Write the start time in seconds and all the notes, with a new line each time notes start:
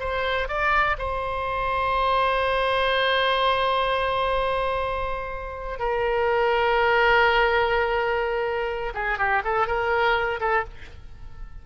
0.00 C5
0.49 D5
0.99 C5
5.79 A#4
8.94 G#4
9.18 G4
9.44 A4
9.67 A#4
10.41 A4